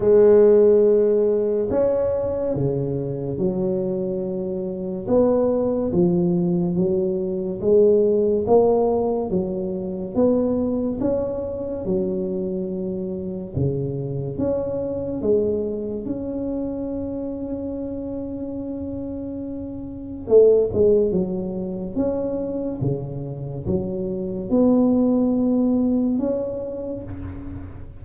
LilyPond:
\new Staff \with { instrumentName = "tuba" } { \time 4/4 \tempo 4 = 71 gis2 cis'4 cis4 | fis2 b4 f4 | fis4 gis4 ais4 fis4 | b4 cis'4 fis2 |
cis4 cis'4 gis4 cis'4~ | cis'1 | a8 gis8 fis4 cis'4 cis4 | fis4 b2 cis'4 | }